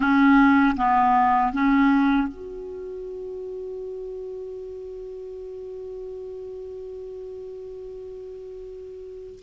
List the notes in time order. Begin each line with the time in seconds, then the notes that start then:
0.00 C#4
0.76 B3
1.52 C#4
2.28 F#4